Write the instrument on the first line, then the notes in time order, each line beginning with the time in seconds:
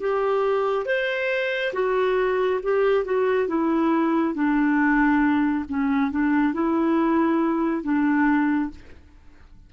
clarinet
0.00 G4
0.85 C5
1.73 F#4
2.62 G4
3.05 F#4
3.48 E4
4.34 D4
5.69 C#4
6.11 D4
6.53 E4
7.83 D4